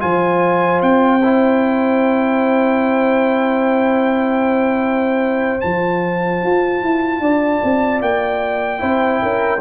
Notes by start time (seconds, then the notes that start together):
0.00 F3 F4 C5 G#5
0.82 C4 G5
1.23 E4
5.61 F3 F4 A5
6.43 F4
6.82 E4
7.20 D4 D5
7.64 C4
8.02 A#3 G5
8.79 C4 E4 C5
9.23 C#4 A#4